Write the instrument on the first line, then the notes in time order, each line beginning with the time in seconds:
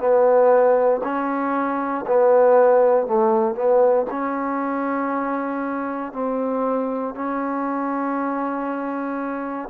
trombone
0.00 B3
1.04 C#4
2.07 B3
3.07 A3
3.55 B3
4.11 C#4
6.13 C4
7.15 C#4